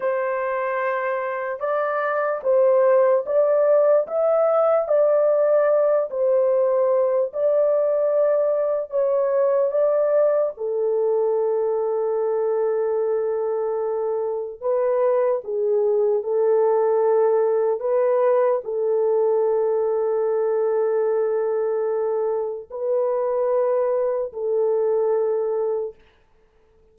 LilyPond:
\new Staff \with { instrumentName = "horn" } { \time 4/4 \tempo 4 = 74 c''2 d''4 c''4 | d''4 e''4 d''4. c''8~ | c''4 d''2 cis''4 | d''4 a'2.~ |
a'2 b'4 gis'4 | a'2 b'4 a'4~ | a'1 | b'2 a'2 | }